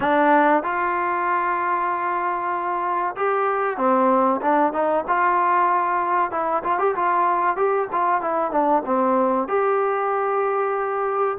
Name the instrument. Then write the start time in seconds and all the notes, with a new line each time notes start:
trombone
0.00 D4
0.63 F4
3.16 G4
3.77 C4
4.41 D4
4.72 D#4
5.07 F4
6.31 E4
6.63 F4
6.79 G4
6.95 F4
7.56 G4
7.91 F4
8.21 E4
8.51 D4
8.85 C4
9.48 G4